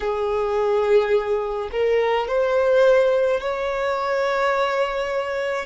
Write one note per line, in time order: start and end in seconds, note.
0.00 1.69 G#4
1.71 2.27 A#4
2.27 3.40 C5
3.40 5.66 C#5